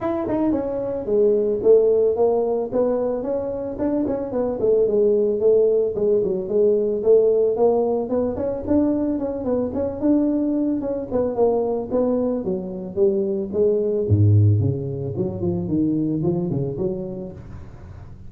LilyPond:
\new Staff \with { instrumentName = "tuba" } { \time 4/4 \tempo 4 = 111 e'8 dis'8 cis'4 gis4 a4 | ais4 b4 cis'4 d'8 cis'8 | b8 a8 gis4 a4 gis8 fis8 | gis4 a4 ais4 b8 cis'8 |
d'4 cis'8 b8 cis'8 d'4. | cis'8 b8 ais4 b4 fis4 | g4 gis4 gis,4 cis4 | fis8 f8 dis4 f8 cis8 fis4 | }